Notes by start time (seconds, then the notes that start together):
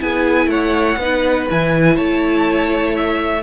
0.00 B3 E4 G#4 G#5
0.47 A3 C#5 F#5
0.97 B3 D#4 B4
1.50 E3 E4 G#5
1.95 A3 C#5 A5
2.97 E5